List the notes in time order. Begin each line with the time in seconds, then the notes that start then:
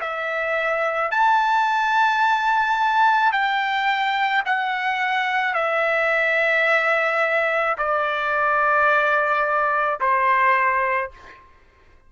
0.00 E5
1.11 A5
3.32 G5
4.45 F#5
5.54 E5
7.77 D5
9.99 C5